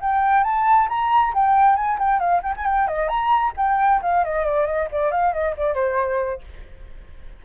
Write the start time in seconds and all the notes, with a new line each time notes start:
0.00 G5
0.43 A5
0.88 A#5
1.34 G5
1.76 G#5
1.99 G5
2.19 F5
2.42 G5
2.56 G#5
2.65 G5
2.87 D#5
3.08 A#5
3.56 G5
4.02 F5
4.24 D#5
4.44 D5
4.66 D#5
4.91 D5
5.11 F5
5.33 D#5
5.56 D5
5.74 C5